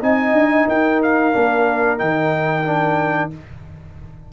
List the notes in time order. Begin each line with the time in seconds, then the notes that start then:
0.00 C4 D#4 D#5 G#5
0.33 D4
0.68 D#4 A#4 G5
1.03 F5
1.33 A#3 D4
1.98 D#3 D#4 G5
2.65 D4